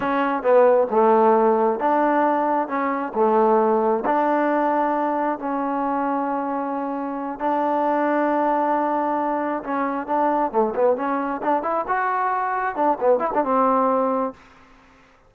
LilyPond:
\new Staff \with { instrumentName = "trombone" } { \time 4/4 \tempo 4 = 134 cis'4 b4 a2 | d'2 cis'4 a4~ | a4 d'2. | cis'1~ |
cis'8 d'2.~ d'8~ | d'4. cis'4 d'4 a8 | b8 cis'4 d'8 e'8 fis'4.~ | fis'8 d'8 b8 e'16 d'16 c'2 | }